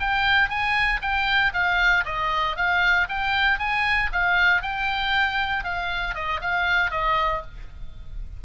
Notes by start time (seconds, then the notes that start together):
0.00 G5
0.49 G#5
1.02 G5
1.53 F5
2.05 D#5
2.56 F5
3.09 G5
3.59 G#5
4.12 F5
4.62 G5
5.64 F5
6.15 D#5
6.41 F5
6.91 D#5